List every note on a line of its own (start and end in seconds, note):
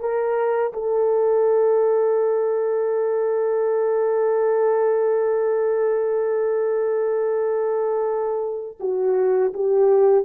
0.00 0.73 A#4
0.73 8.78 A4
8.80 9.53 F#4
9.54 10.25 G4